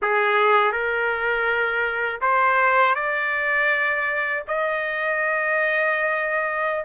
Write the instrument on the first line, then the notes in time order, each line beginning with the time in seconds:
trumpet
0.02 G#4
0.72 A#4
2.21 C5
2.95 D5
4.47 D#5